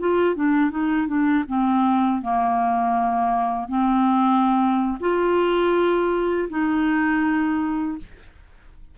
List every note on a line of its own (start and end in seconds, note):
0.00 0.36 F4
0.36 0.71 D4
0.71 1.08 D#4
1.08 1.45 D4
1.48 2.22 C4
2.22 3.69 A#3
3.69 4.98 C4
5.01 6.49 F4
6.50 7.98 D#4